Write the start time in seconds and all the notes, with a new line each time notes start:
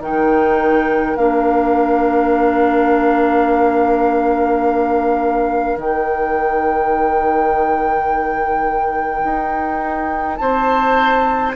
0.00 D#3 D#4 A#4 G5
1.17 A#3 D4 F5
5.77 D#3 D#4 G5
9.24 D#4
10.37 C4 C5 A5